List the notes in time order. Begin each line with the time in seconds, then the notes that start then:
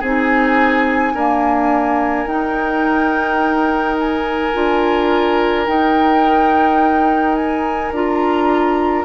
0.00 C4 D#4 G#4 G#5
1.14 A#3 D4 A#4
2.26 D#4 G5
4.00 G#5
4.54 D4 F4
5.66 D#4 G5
7.36 G#5
7.92 D4 F4 A#5